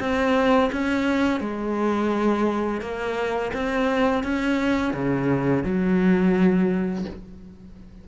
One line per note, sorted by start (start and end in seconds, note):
0.00 0.71 C4
0.73 1.41 C#4
1.41 2.81 G#3
2.81 3.52 A#3
3.54 4.24 C4
4.24 4.94 C#4
4.94 5.64 C#3
5.64 7.05 F#3